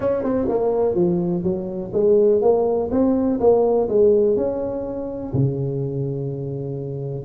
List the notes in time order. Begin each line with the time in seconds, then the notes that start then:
0.00 C#4
0.23 C4
0.48 A#3
0.94 F3
1.43 F#3
1.93 G#3
2.41 A#3
2.91 C4
3.40 A#3
3.88 G#3
4.36 C#4
5.33 C#3